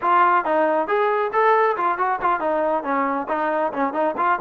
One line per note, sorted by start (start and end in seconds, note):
0.01 0.45 F4
0.45 0.87 D#4
0.87 1.31 G#4
1.32 1.76 A4
1.76 1.97 F4
1.97 2.19 F#4
2.21 2.40 F4
2.40 2.83 D#4
2.83 3.27 C#4
3.28 3.72 D#4
3.72 3.93 C#4
3.93 4.14 D#4
4.17 4.39 F4